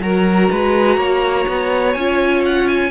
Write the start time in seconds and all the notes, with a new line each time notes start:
0.00 F#3 F#4 A#4 A#5
0.50 G#3 B4
0.97 A#3 C#5
1.48 B3
1.93 C#4 F4 G#5
2.45 F#5
2.68 G#5